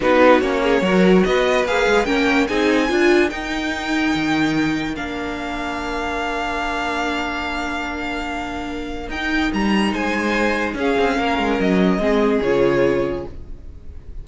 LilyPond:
<<
  \new Staff \with { instrumentName = "violin" } { \time 4/4 \tempo 4 = 145 b'4 cis''2 dis''4 | f''4 g''4 gis''2 | g''1 | f''1~ |
f''1~ | f''2 g''4 ais''4 | gis''2 f''2 | dis''2 cis''2 | }
  \new Staff \with { instrumentName = "violin" } { \time 4/4 fis'4. gis'8 ais'4 b'4~ | b'4 ais'4 gis'4 ais'4~ | ais'1~ | ais'1~ |
ais'1~ | ais'1 | c''2 gis'4 ais'4~ | ais'4 gis'2. | }
  \new Staff \with { instrumentName = "viola" } { \time 4/4 dis'4 cis'4 fis'2 | gis'4 cis'4 dis'4 f'4 | dis'1 | d'1~ |
d'1~ | d'2 dis'2~ | dis'2 cis'2~ | cis'4 c'4 f'2 | }
  \new Staff \with { instrumentName = "cello" } { \time 4/4 b4 ais4 fis4 b4 | ais8 gis8 ais4 c'4 d'4 | dis'2 dis2 | ais1~ |
ais1~ | ais2 dis'4 g4 | gis2 cis'8 c'8 ais8 gis8 | fis4 gis4 cis2 | }
>>